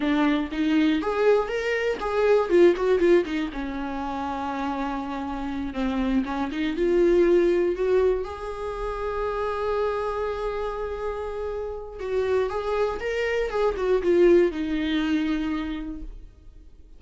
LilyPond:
\new Staff \with { instrumentName = "viola" } { \time 4/4 \tempo 4 = 120 d'4 dis'4 gis'4 ais'4 | gis'4 f'8 fis'8 f'8 dis'8 cis'4~ | cis'2.~ cis'8 c'8~ | c'8 cis'8 dis'8 f'2 fis'8~ |
fis'8 gis'2.~ gis'8~ | gis'1 | fis'4 gis'4 ais'4 gis'8 fis'8 | f'4 dis'2. | }